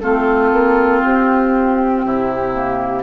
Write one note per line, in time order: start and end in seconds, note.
0.00 0.52 A3
0.00 2.53 C4
0.00 2.05 F4
0.00 1.02 A4
0.52 1.03 A#3
1.04 2.05 C4
1.04 3.03 G4
2.05 3.03 C3
2.05 3.03 E4
2.53 3.03 A#3